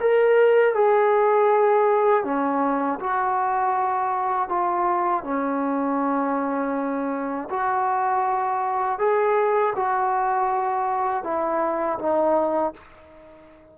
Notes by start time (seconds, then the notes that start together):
0.00 A#4
0.74 G#4
2.24 C#4
3.00 F#4
4.49 F4
5.24 C#4
7.50 F#4
8.99 G#4
9.76 F#4
11.23 E4
11.99 D#4